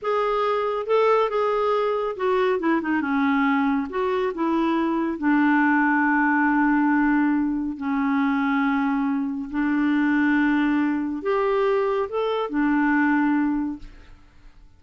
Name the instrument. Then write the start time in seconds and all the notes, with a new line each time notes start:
clarinet
0.01 G#4
0.86 A4
1.29 G#4
2.16 F#4
2.59 E4
2.81 D#4
3.01 C#4
3.89 F#4
4.34 E4
5.18 D4
7.77 C#4
9.50 D4
11.22 G4
12.09 A4
12.49 D4